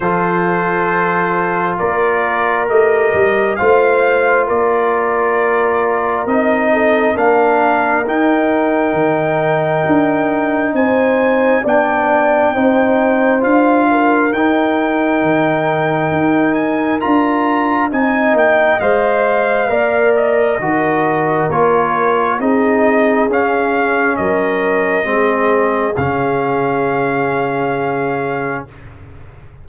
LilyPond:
<<
  \new Staff \with { instrumentName = "trumpet" } { \time 4/4 \tempo 4 = 67 c''2 d''4 dis''4 | f''4 d''2 dis''4 | f''4 g''2. | gis''4 g''2 f''4 |
g''2~ g''8 gis''8 ais''4 | gis''8 g''8 f''4. dis''4. | cis''4 dis''4 f''4 dis''4~ | dis''4 f''2. | }
  \new Staff \with { instrumentName = "horn" } { \time 4/4 a'2 ais'2 | c''4 ais'2~ ais'8 a'8 | ais'1 | c''4 d''4 c''4. ais'8~ |
ais'1 | dis''2 d''4 ais'4~ | ais'4 gis'2 ais'4 | gis'1 | }
  \new Staff \with { instrumentName = "trombone" } { \time 4/4 f'2. g'4 | f'2. dis'4 | d'4 dis'2.~ | dis'4 d'4 dis'4 f'4 |
dis'2. f'4 | dis'4 c''4 ais'4 fis'4 | f'4 dis'4 cis'2 | c'4 cis'2. | }
  \new Staff \with { instrumentName = "tuba" } { \time 4/4 f2 ais4 a8 g8 | a4 ais2 c'4 | ais4 dis'4 dis4 d'4 | c'4 b4 c'4 d'4 |
dis'4 dis4 dis'4 d'4 | c'8 ais8 gis4 ais4 dis4 | ais4 c'4 cis'4 fis4 | gis4 cis2. | }
>>